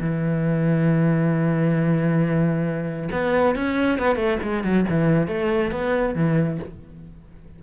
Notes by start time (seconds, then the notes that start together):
0.00 E3
3.11 B3
3.55 C#4
3.98 B3
4.16 A3
4.42 G#3
4.64 F#3
4.89 E3
5.27 A3
5.71 B3
6.15 E3